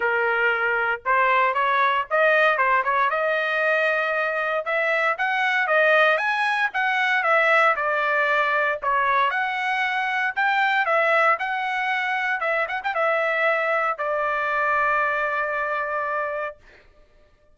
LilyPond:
\new Staff \with { instrumentName = "trumpet" } { \time 4/4 \tempo 4 = 116 ais'2 c''4 cis''4 | dis''4 c''8 cis''8 dis''2~ | dis''4 e''4 fis''4 dis''4 | gis''4 fis''4 e''4 d''4~ |
d''4 cis''4 fis''2 | g''4 e''4 fis''2 | e''8 fis''16 g''16 e''2 d''4~ | d''1 | }